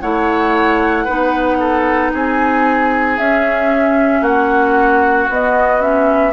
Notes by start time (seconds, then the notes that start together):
0.00 A3 E4 C#5 F#5
1.04 B3 D#4 B4
1.59 A4
2.12 C4 G#4 G#5
3.18 C#4 E5
4.21 A#3 F#4 F#5
5.29 B3 D#5
5.80 C#4 E5